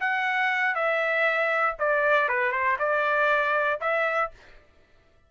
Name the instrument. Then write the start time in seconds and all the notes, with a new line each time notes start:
trumpet
0.00 F#5
0.74 E5
1.79 D5
2.28 B4
2.51 C5
2.79 D5
3.80 E5